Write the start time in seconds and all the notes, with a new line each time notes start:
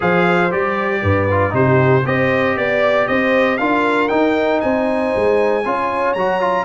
0.00 F3 G#4 C5 F5
0.51 G3 G4 D5
1.01 G2 B4
1.30 F4
1.50 C3 D#4 G4 C5
2.04 C4 G4 C5 D#5
2.56 B3 D5
3.07 C4 C5 D#5
3.57 D4 F4 A#4 F5
4.08 D#4 G5
4.60 C4 C5 G#5
5.15 G#3
5.65 C#4 F4 C#5
6.13 F#3 F#4 A#5
6.40 F4